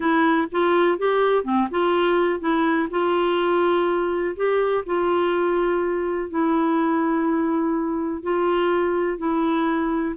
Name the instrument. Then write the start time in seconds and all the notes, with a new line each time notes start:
clarinet
0.00 E4
0.51 F4
0.98 G4
1.44 C4
1.70 F4
2.40 E4
2.90 F4
4.36 G4
4.85 F4
6.30 E4
8.23 F4
9.18 E4